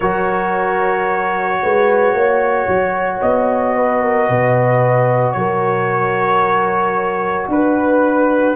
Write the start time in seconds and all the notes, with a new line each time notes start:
0.00 F#3 F#4 A#4 C#5
1.62 G#3 B4
2.13 A#3 C#5
2.67 F#3
3.21 B3 D#5
3.76 B4
4.02 A#4
4.28 B2 B4
5.32 F#3 A#4 C#5
7.48 D4 B4